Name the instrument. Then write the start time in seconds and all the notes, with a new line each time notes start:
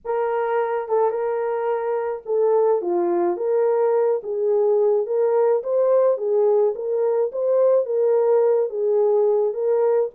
horn
0.04 A#4
0.88 A4
1.10 A#4
2.25 A4
2.81 F4
3.36 A#4
4.23 G#4
5.06 A#4
5.63 C5
6.17 G#4
6.75 A#4
7.32 C5
7.85 A#4
8.69 G#4
9.53 A#4